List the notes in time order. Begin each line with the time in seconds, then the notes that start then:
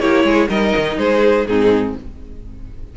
0.00 A#3 E4 G4 C#5
0.24 G#3 G#4
0.49 G3 D#4 A#4 D#5
0.77 D#3
0.97 G#3 G#4 C5
1.47 G#2 C4 D#4 G#4